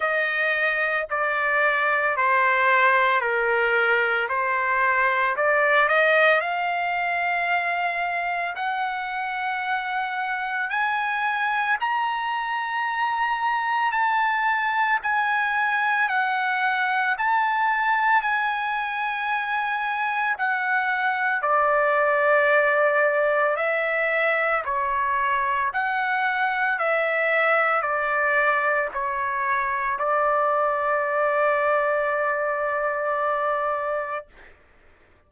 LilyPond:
\new Staff \with { instrumentName = "trumpet" } { \time 4/4 \tempo 4 = 56 dis''4 d''4 c''4 ais'4 | c''4 d''8 dis''8 f''2 | fis''2 gis''4 ais''4~ | ais''4 a''4 gis''4 fis''4 |
a''4 gis''2 fis''4 | d''2 e''4 cis''4 | fis''4 e''4 d''4 cis''4 | d''1 | }